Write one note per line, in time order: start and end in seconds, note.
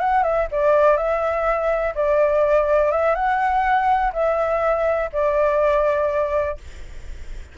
0.00 0.23 F#5
0.23 0.48 E5
0.52 0.97 D5
0.97 1.94 E5
1.95 2.92 D5
2.92 3.15 E5
3.15 4.12 F#5
4.13 5.10 E5
5.13 6.58 D5